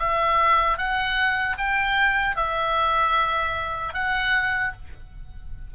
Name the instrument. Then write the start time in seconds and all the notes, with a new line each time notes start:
oboe
0.00 E5
0.78 F#5
1.58 G5
2.37 E5
3.94 F#5